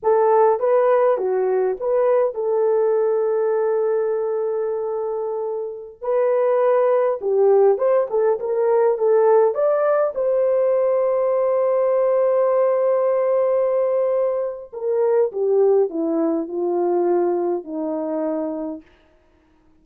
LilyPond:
\new Staff \with { instrumentName = "horn" } { \time 4/4 \tempo 4 = 102 a'4 b'4 fis'4 b'4 | a'1~ | a'2~ a'16 b'4.~ b'16~ | b'16 g'4 c''8 a'8 ais'4 a'8.~ |
a'16 d''4 c''2~ c''8.~ | c''1~ | c''4 ais'4 g'4 e'4 | f'2 dis'2 | }